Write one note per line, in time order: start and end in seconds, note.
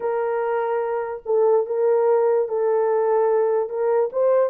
0.00 1.23 A#4
1.26 1.66 A4
1.66 2.48 A#4
2.48 3.69 A4
3.69 4.10 A#4
4.12 4.50 C5